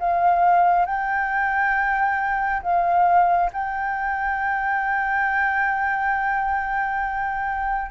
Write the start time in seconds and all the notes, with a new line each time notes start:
0.00 F5
0.86 G5
2.62 F5
3.53 G5